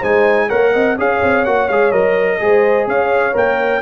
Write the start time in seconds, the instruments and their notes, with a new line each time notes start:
0.00 tuba G#3, trombone D#4, horn C5, trumpet G#5
0.48 tuba A#3, trombone A#4, horn C#5, trumpet F#5
0.73 tuba C4, horn D#5
0.97 tuba C#4, trombone G#4, horn C#5, trumpet F5
1.23 tuba C4
1.45 tuba A#3, trombone F#4, trumpet F#5
1.68 tuba G#3, trombone G#4, trumpet F5
1.92 tuba F#3, trombone A#4, trumpet D#5
2.40 tuba G#3, trombone G#4, horn C5
2.87 tuba C#4, horn C#5, trumpet F5
3.33 tuba A#3, trombone A#4, trumpet G5